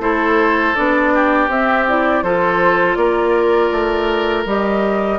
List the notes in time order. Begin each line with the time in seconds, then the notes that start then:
0.00 A3 E4 A4 C5
0.75 B3 D4 D5
1.14 G4
1.48 C4 E5
1.88 E4 D5
2.23 F3 F4 A4 C5
2.95 A#3 A#4 D5
3.71 A3
4.45 G3 G4 D#5